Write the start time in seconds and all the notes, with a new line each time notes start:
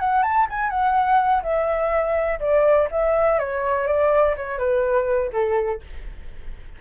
0.00 F#5
0.23 A5
0.50 G#5
0.70 F#5
1.43 E5
2.40 D5
2.91 E5
3.39 C#5
3.87 D5
4.37 C#5
4.58 B4
5.33 A4